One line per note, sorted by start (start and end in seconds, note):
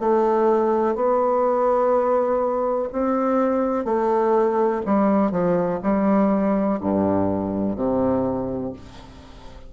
0.00 0.95 A3
0.95 2.89 B3
2.92 3.84 C4
3.84 4.81 A3
4.85 5.31 G3
5.31 5.79 F3
5.83 6.80 G3
6.80 7.76 G2
7.76 8.73 C3